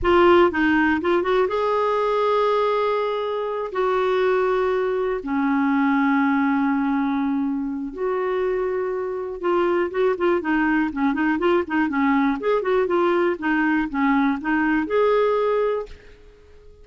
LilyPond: \new Staff \with { instrumentName = "clarinet" } { \time 4/4 \tempo 4 = 121 f'4 dis'4 f'8 fis'8 gis'4~ | gis'2.~ gis'8 fis'8~ | fis'2~ fis'8 cis'4.~ | cis'1 |
fis'2. f'4 | fis'8 f'8 dis'4 cis'8 dis'8 f'8 dis'8 | cis'4 gis'8 fis'8 f'4 dis'4 | cis'4 dis'4 gis'2 | }